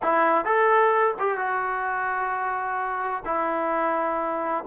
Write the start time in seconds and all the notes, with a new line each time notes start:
0.02 E4
0.44 A4
1.19 G4
1.37 F#4
3.25 E4